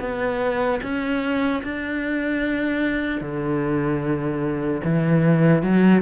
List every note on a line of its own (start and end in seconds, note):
0.00 0.80 B3
0.83 1.63 C#4
1.63 3.21 D4
3.21 4.81 D3
4.84 5.63 E3
5.63 6.02 F#3